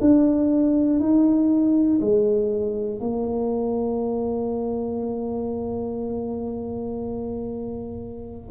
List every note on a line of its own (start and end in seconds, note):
0.00 0.99 D4
0.99 1.99 D#4
2.00 3.00 G#3
3.00 8.50 A#3